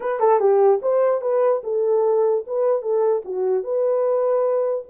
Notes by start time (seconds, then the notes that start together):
0.00 B4
0.19 A4
0.39 G4
0.82 C5
1.21 B4
1.63 A4
2.46 B4
2.82 A4
3.24 F#4
3.63 B4